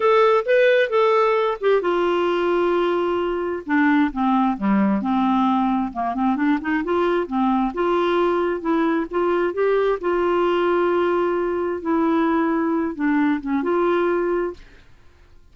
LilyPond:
\new Staff \with { instrumentName = "clarinet" } { \time 4/4 \tempo 4 = 132 a'4 b'4 a'4. g'8 | f'1 | d'4 c'4 g4 c'4~ | c'4 ais8 c'8 d'8 dis'8 f'4 |
c'4 f'2 e'4 | f'4 g'4 f'2~ | f'2 e'2~ | e'8 d'4 cis'8 f'2 | }